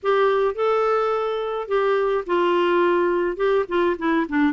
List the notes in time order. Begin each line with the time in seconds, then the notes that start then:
0.02 G4
0.54 A4
1.67 G4
2.26 F4
3.36 G4
3.68 F4
3.98 E4
4.28 D4